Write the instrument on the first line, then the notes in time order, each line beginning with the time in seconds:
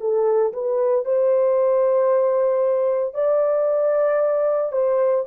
horn
0.00 A4
0.53 B4
1.05 C5
3.14 D5
4.72 C5